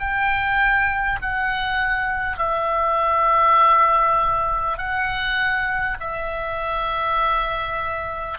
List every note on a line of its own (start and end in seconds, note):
0.00 1.20 G5
1.22 2.38 F#5
2.38 4.78 E5
4.78 5.98 F#5
6.01 8.39 E5